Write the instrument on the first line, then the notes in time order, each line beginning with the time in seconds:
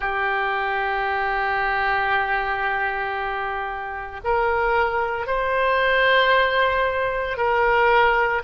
oboe
0.00 G4
4.23 A#4
5.26 C5
7.37 A#4